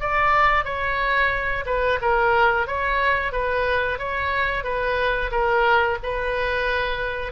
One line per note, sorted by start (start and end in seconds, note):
0.00 0.65 D5
0.65 1.65 C#5
1.66 1.99 B4
2.02 2.67 A#4
2.67 3.32 C#5
3.32 3.98 B4
3.98 4.64 C#5
4.64 5.31 B4
5.31 5.98 A#4
6.03 7.32 B4